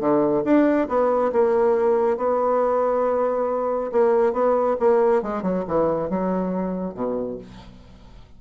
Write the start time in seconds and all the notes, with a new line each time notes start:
0.00 D3
0.45 D4
0.89 B3
1.33 A#3
2.17 B3
3.92 A#3
4.33 B3
4.80 A#3
5.23 G#3
5.42 F#3
5.68 E3
6.10 F#3
6.95 B2